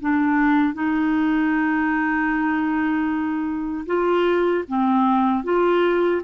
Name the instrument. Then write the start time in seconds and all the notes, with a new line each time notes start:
clarinet
0.00 D4
0.73 D#4
3.86 F4
4.68 C4
5.44 F4